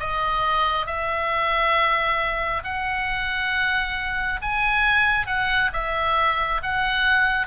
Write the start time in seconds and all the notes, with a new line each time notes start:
0.00 D#5
0.87 E5
2.64 F#5
4.42 G#5
5.27 F#5
5.73 E5
6.63 F#5